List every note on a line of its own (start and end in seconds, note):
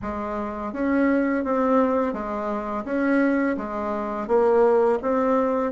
0.02 0.72 G#3
0.72 1.44 C#4
1.44 2.13 C4
2.13 2.84 G#3
2.84 3.56 C#4
3.57 4.27 G#3
4.27 4.98 A#3
5.02 5.71 C4